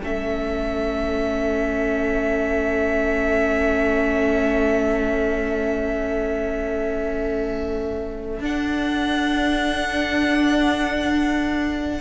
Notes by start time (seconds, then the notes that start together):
0.00 A3 C#4 A4 E5
8.40 D4 F#5